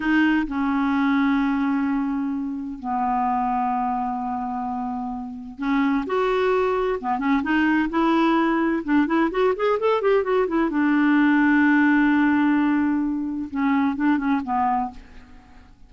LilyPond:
\new Staff \with { instrumentName = "clarinet" } { \time 4/4 \tempo 4 = 129 dis'4 cis'2.~ | cis'2 b2~ | b1 | cis'4 fis'2 b8 cis'8 |
dis'4 e'2 d'8 e'8 | fis'8 gis'8 a'8 g'8 fis'8 e'8 d'4~ | d'1~ | d'4 cis'4 d'8 cis'8 b4 | }